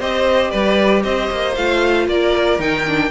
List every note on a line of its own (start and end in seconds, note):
0.00 0.52 C4
0.00 1.57 G4
0.00 0.51 C5
0.00 0.51 D#5
0.51 1.04 G3
0.51 1.03 B4
0.51 1.03 D5
1.04 1.30 C4
1.04 2.08 C5
1.04 1.55 D#5
1.31 1.57 A#3
1.55 2.08 A3
1.55 2.60 F4
1.55 2.07 F5
2.08 2.59 A#3
2.08 3.11 A#4
2.08 2.61 D5
2.59 3.11 D#3
2.59 2.86 D#4
2.59 3.11 G5
2.88 3.11 D4